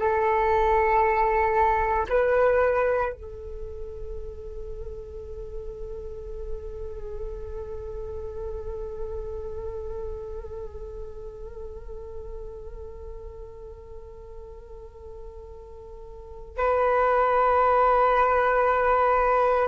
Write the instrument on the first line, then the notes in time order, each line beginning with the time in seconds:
flute
0.00 A4
2.09 B4
3.13 A4
16.58 B4